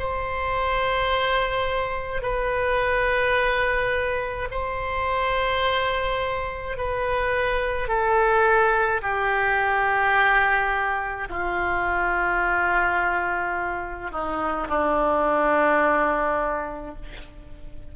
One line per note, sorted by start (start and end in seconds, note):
0.00 2.22 C5
2.22 4.49 B4
4.51 6.78 C5
6.78 7.88 B4
7.88 9.02 A4
9.03 11.29 G4
11.30 14.11 F4
14.11 14.68 D#4
14.69 16.96 D4